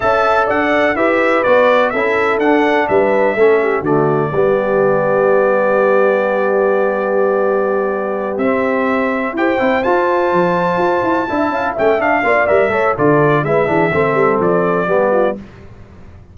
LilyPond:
<<
  \new Staff \with { instrumentName = "trumpet" } { \time 4/4 \tempo 4 = 125 a''4 fis''4 e''4 d''4 | e''4 fis''4 e''2 | d''1~ | d''1~ |
d''4. e''2 g''8~ | g''8 a''2.~ a''8~ | a''8 g''8 f''4 e''4 d''4 | e''2 d''2 | }
  \new Staff \with { instrumentName = "horn" } { \time 4/4 e''4 d''4 b'2 | a'2 b'4 a'8 g'8 | fis'4 g'2.~ | g'1~ |
g'2.~ g'8 c''8~ | c''2.~ c''8 e''8 | f''8 e''4 d''4 cis''8 a'4 | b'8 gis'8 a'2 g'8 f'8 | }
  \new Staff \with { instrumentName = "trombone" } { \time 4/4 a'2 g'4 fis'4 | e'4 d'2 cis'4 | a4 b2.~ | b1~ |
b4. c'2 g'8 | e'8 f'2. e'8~ | e'8 cis'8 d'8 f'8 ais'8 a'8 f'4 | e'8 d'8 c'2 b4 | }
  \new Staff \with { instrumentName = "tuba" } { \time 4/4 cis'4 d'4 e'4 b4 | cis'4 d'4 g4 a4 | d4 g2.~ | g1~ |
g4. c'2 e'8 | c'8 f'4 f4 f'8 e'8 d'8 | cis'8 a8 d'8 ais8 g8 a8 d4 | gis8 e8 a8 g8 f4 g4 | }
>>